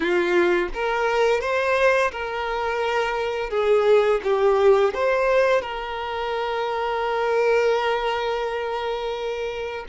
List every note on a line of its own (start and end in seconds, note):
0.00 0.68 F4
0.73 1.40 A#4
1.40 2.11 C5
2.11 3.50 A#4
3.50 4.20 G#4
4.23 4.93 G4
4.93 5.61 C5
5.61 9.85 A#4